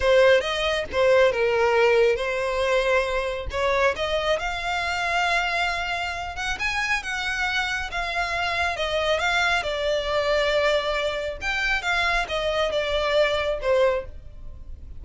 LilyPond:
\new Staff \with { instrumentName = "violin" } { \time 4/4 \tempo 4 = 137 c''4 dis''4 c''4 ais'4~ | ais'4 c''2. | cis''4 dis''4 f''2~ | f''2~ f''8 fis''8 gis''4 |
fis''2 f''2 | dis''4 f''4 d''2~ | d''2 g''4 f''4 | dis''4 d''2 c''4 | }